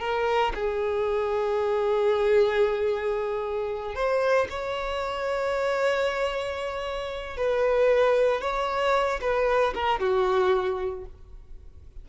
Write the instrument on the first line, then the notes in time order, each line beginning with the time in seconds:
violin
0.00 A#4
0.55 G#4
3.95 C5
4.50 C#5
7.37 B4
8.41 C#5
9.21 B4
9.75 A#4
10.00 F#4